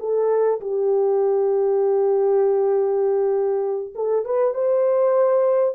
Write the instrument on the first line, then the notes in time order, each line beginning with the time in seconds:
horn
0.00 A4
0.61 G4
3.96 A4
4.25 B4
4.55 C5